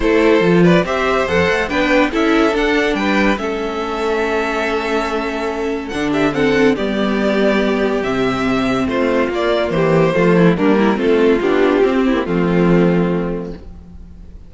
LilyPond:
<<
  \new Staff \with { instrumentName = "violin" } { \time 4/4 \tempo 4 = 142 c''4. d''8 e''4 fis''4 | g''4 e''4 fis''4 g''4 | e''1~ | e''2 fis''8 e''8 fis''4 |
d''2. e''4~ | e''4 c''4 d''4 c''4~ | c''4 ais'4 a'4 g'4~ | g'4 f'2. | }
  \new Staff \with { instrumentName = "violin" } { \time 4/4 a'4. b'8 c''2 | b'4 a'2 b'4 | a'1~ | a'2~ a'8 g'8 a'4 |
g'1~ | g'4 f'2 g'4 | f'8 e'8 d'8 e'8 f'2~ | f'8 e'8 c'2. | }
  \new Staff \with { instrumentName = "viola" } { \time 4/4 e'4 f'4 g'4 a'4 | d'4 e'4 d'2 | cis'1~ | cis'2 d'4 c'4 |
b2. c'4~ | c'2 ais2 | a4 ais4 c'4 d'4 | c'8. ais16 a2. | }
  \new Staff \with { instrumentName = "cello" } { \time 4/4 a4 f4 c'4 f,8 a8 | b4 cis'4 d'4 g4 | a1~ | a2 d2 |
g2. c4~ | c4 a4 ais4 e4 | f4 g4 a4 b4 | c'4 f2. | }
>>